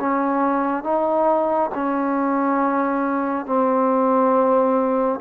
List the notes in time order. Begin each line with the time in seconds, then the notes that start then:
0.00 C#4
0.84 D#4
1.75 C#4
3.46 C4